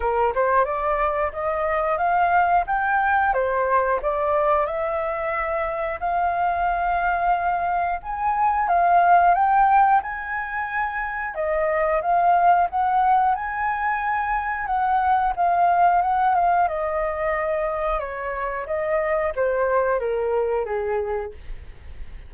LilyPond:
\new Staff \with { instrumentName = "flute" } { \time 4/4 \tempo 4 = 90 ais'8 c''8 d''4 dis''4 f''4 | g''4 c''4 d''4 e''4~ | e''4 f''2. | gis''4 f''4 g''4 gis''4~ |
gis''4 dis''4 f''4 fis''4 | gis''2 fis''4 f''4 | fis''8 f''8 dis''2 cis''4 | dis''4 c''4 ais'4 gis'4 | }